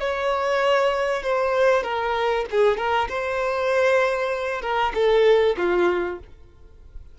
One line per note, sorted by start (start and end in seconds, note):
0.00 1.23 C#5
1.23 1.83 C5
1.83 2.45 A#4
2.51 2.77 G#4
2.77 3.08 A#4
3.09 4.62 C5
4.62 4.93 A#4
4.95 5.56 A4
5.57 6.19 F4